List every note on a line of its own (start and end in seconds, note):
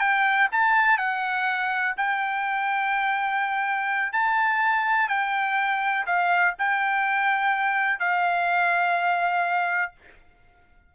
0.00 0.48 G5
0.52 0.98 A5
0.98 1.95 F#5
1.97 4.13 G5
4.13 5.09 A5
5.09 6.06 G5
6.07 6.55 F5
6.59 7.99 G5
7.99 9.93 F5